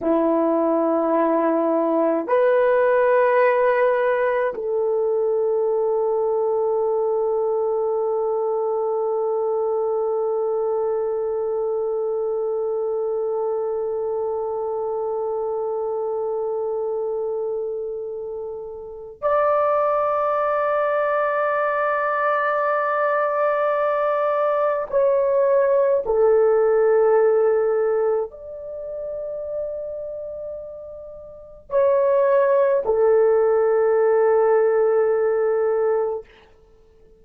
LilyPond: \new Staff \with { instrumentName = "horn" } { \time 4/4 \tempo 4 = 53 e'2 b'2 | a'1~ | a'1~ | a'1~ |
a'4 d''2.~ | d''2 cis''4 a'4~ | a'4 d''2. | cis''4 a'2. | }